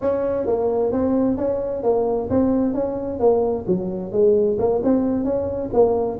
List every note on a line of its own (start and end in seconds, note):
0.01 0.46 C#4
0.46 0.92 A#3
0.92 1.37 C4
1.37 1.83 C#4
1.83 2.29 A#3
2.29 2.74 C4
2.74 3.19 C#4
3.19 3.65 A#3
3.67 4.12 F#3
4.12 4.57 G#3
4.58 4.81 A#3
4.83 5.24 C4
5.24 5.70 C#4
5.73 6.19 A#3